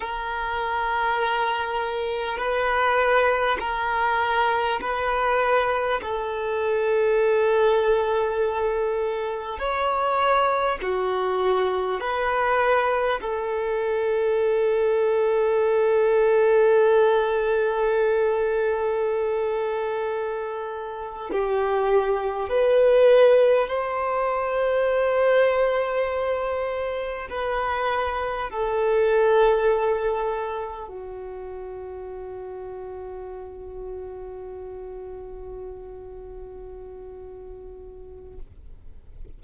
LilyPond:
\new Staff \with { instrumentName = "violin" } { \time 4/4 \tempo 4 = 50 ais'2 b'4 ais'4 | b'4 a'2. | cis''4 fis'4 b'4 a'4~ | a'1~ |
a'4.~ a'16 g'4 b'4 c''16~ | c''2~ c''8. b'4 a'16~ | a'4.~ a'16 fis'2~ fis'16~ | fis'1 | }